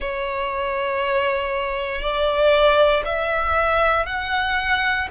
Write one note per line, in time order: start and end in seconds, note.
0.00 2.01 C#5
2.01 3.03 D5
3.05 4.06 E5
4.06 5.08 F#5